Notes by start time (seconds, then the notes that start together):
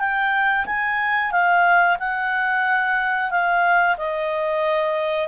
0.00 G5
0.67 G#5
1.32 F5
2.00 F#5
3.31 F5
3.98 D#5